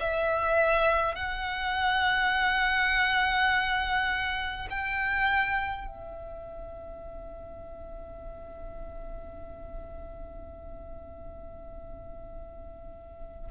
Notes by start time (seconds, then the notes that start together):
0.00 E5
1.15 F#5
4.70 G5
5.87 E5